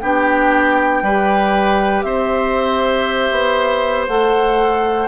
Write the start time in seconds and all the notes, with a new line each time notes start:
0.00 B3 D4 G4 G5
1.02 G3 G4 B4
2.02 C4 C5 E5
3.31 B3
4.06 A3 A4 F#5